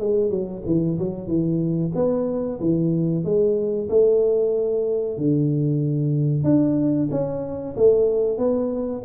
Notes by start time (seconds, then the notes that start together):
0.00 G#3
0.30 F#3
0.66 E3
0.99 F#3
1.28 E3
1.95 B3
2.60 E3
3.24 G#3
3.89 A3
5.18 D3
6.44 D4
7.11 C#4
7.77 A3
8.38 B3